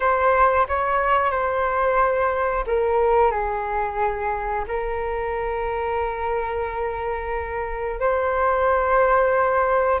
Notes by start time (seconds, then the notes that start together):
0.00 C5
0.68 C#5
1.31 C5
2.66 A#4
3.31 G#4
4.67 A#4
8.00 C5